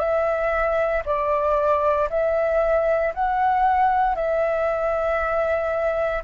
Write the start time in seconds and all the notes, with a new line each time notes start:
0.00 E5
1.06 D5
2.10 E5
3.15 F#5
4.16 E5